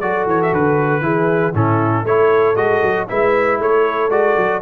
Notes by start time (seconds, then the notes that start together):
0.00 F#3 F#4 A4 D5
0.26 E3 C#5
0.42 E5
0.52 D3 B4
1.01 E3 E4 G#4
1.53 A2 C#4 E4 A4
2.03 A3 E4 A4 C#5
2.56 G#3 F#4 D#5
2.82 F#3
3.08 G#3 E4 B4 E5
3.59 A3 A4 C#5
4.09 G#3 F#4 D5
4.36 F#3